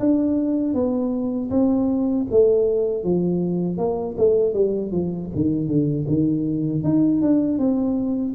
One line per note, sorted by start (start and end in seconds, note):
0.00 0.74 D4
0.74 1.50 B3
1.51 2.26 C4
2.31 3.04 A3
3.04 3.78 F3
3.78 4.16 A#3
4.18 4.54 A3
4.54 4.92 G3
4.92 5.30 F3
5.35 5.68 D#3
5.68 6.06 D3
6.08 6.84 D#3
6.84 7.22 D#4
7.22 7.59 D4
7.59 8.35 C4